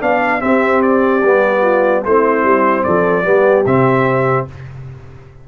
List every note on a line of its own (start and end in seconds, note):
0.00 0.42 B3
0.00 0.40 D4
0.00 0.41 D5
0.00 0.41 F5
0.40 1.21 C4
0.40 1.23 C4
0.40 1.61 G4
0.40 0.82 E5
0.82 2.04 D5
1.23 2.04 G3
1.23 2.06 B3
1.61 2.02 F4
2.04 2.43 A3
2.04 3.24 C4
2.04 2.85 E4
2.04 2.83 C5
2.43 2.84 G3
2.83 3.24 F3
2.83 3.24 A4
2.83 3.65 D5
3.24 3.65 G3
3.24 3.65 B3
3.24 4.46 G4
3.66 4.47 C3
3.66 4.48 C4
3.66 4.47 E5